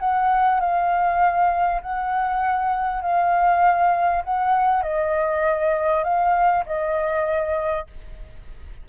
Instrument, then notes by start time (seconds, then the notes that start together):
flute
0.00 F#5
0.60 F5
1.82 F#5
3.02 F5
4.24 F#5
4.83 D#5
6.04 F5
6.66 D#5